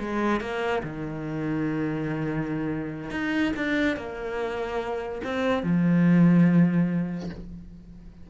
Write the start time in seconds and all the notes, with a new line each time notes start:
0.00 G#3
0.41 A#3
0.83 D#3
3.11 D#4
3.56 D4
3.97 A#3
5.24 C4
5.63 F3